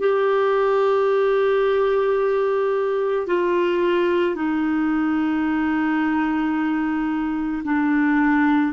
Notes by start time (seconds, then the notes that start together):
0.00 G4
3.27 F4
4.35 D#4
7.64 D4